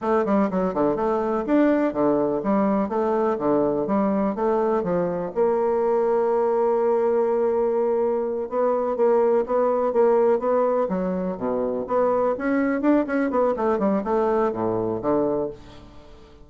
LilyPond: \new Staff \with { instrumentName = "bassoon" } { \time 4/4 \tempo 4 = 124 a8 g8 fis8 d8 a4 d'4 | d4 g4 a4 d4 | g4 a4 f4 ais4~ | ais1~ |
ais4. b4 ais4 b8~ | b8 ais4 b4 fis4 b,8~ | b,8 b4 cis'4 d'8 cis'8 b8 | a8 g8 a4 a,4 d4 | }